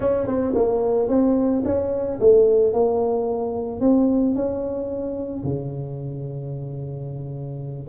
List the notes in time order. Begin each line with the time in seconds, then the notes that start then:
0.00 C#4
0.27 C4
0.55 A#3
1.08 C4
1.64 C#4
2.20 A3
2.73 A#3
3.80 C4
4.35 C#4
5.43 C#3